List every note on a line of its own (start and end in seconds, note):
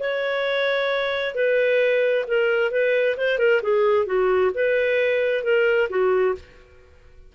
0.00 1.35 C#5
1.35 2.25 B4
2.28 2.71 A#4
2.71 3.16 B4
3.17 3.39 C5
3.39 3.61 A#4
3.63 4.06 G#4
4.06 4.51 F#4
4.55 5.44 B4
5.44 5.89 A#4
5.90 6.35 F#4